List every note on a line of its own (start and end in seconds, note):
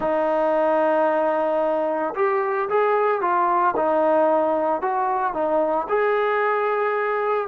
0.00 2.14 D#4
2.15 2.68 G4
2.69 3.21 G#4
3.21 3.74 F4
3.76 4.81 D#4
4.81 5.33 F#4
5.33 5.87 D#4
5.89 7.48 G#4